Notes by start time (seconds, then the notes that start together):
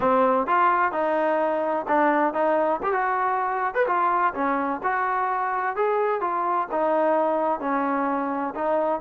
0.00 C4
0.46 F4
0.92 D#4
1.88 D4
2.33 D#4
2.83 G4
2.93 F#4
3.74 B4
3.87 F4
4.34 C#4
4.83 F#4
5.75 G#4
6.20 F4
6.71 D#4
7.60 C#4
8.55 D#4